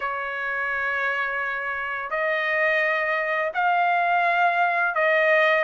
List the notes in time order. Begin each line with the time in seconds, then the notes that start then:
0.00 C#5
2.10 D#5
3.54 F5
4.94 D#5